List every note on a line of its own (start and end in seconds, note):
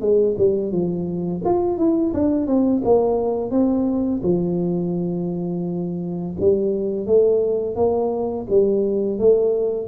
0.00 0.35 G#3
0.38 0.72 G3
0.72 1.42 F3
1.45 1.77 F4
1.77 2.13 E4
2.13 2.47 D4
2.47 2.82 C4
2.84 3.51 A#3
3.51 4.21 C4
4.23 6.34 F3
6.40 7.06 G3
7.06 7.76 A3
7.76 8.46 A#3
8.49 9.19 G3
9.19 9.88 A3